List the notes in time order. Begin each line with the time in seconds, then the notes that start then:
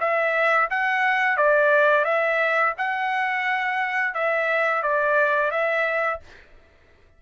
0.00 E5
0.70 F#5
1.37 D5
2.05 E5
2.78 F#5
4.14 E5
4.83 D5
5.51 E5